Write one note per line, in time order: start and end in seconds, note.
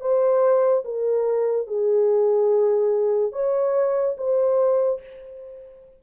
0.00 0.83 C5
0.84 1.66 A#4
1.66 3.32 G#4
3.32 4.15 C#5
4.17 5.00 C5